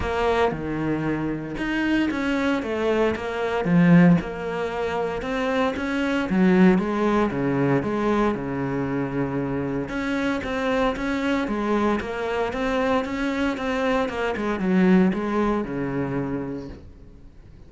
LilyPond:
\new Staff \with { instrumentName = "cello" } { \time 4/4 \tempo 4 = 115 ais4 dis2 dis'4 | cis'4 a4 ais4 f4 | ais2 c'4 cis'4 | fis4 gis4 cis4 gis4 |
cis2. cis'4 | c'4 cis'4 gis4 ais4 | c'4 cis'4 c'4 ais8 gis8 | fis4 gis4 cis2 | }